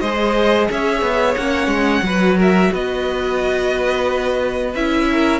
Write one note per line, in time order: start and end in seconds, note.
0.00 0.69 G#3
0.00 1.39 G#4
0.00 0.68 C5
0.00 0.67 D#5
0.70 1.01 C#4
0.70 2.04 C#5
0.70 1.35 E5
1.01 1.35 B3
1.35 1.67 A#3
1.35 2.03 C#4
1.35 2.36 F#5
1.67 2.01 G#3
2.02 2.70 F#3
2.02 4.73 F#4
2.02 2.37 B4
2.37 2.71 A#4
2.37 2.74 E5
2.72 4.74 B3
2.72 5.08 B4
2.72 4.74 D#5
4.74 5.40 C#4
4.74 5.40 E4
4.74 5.40 E5
5.12 5.40 A#4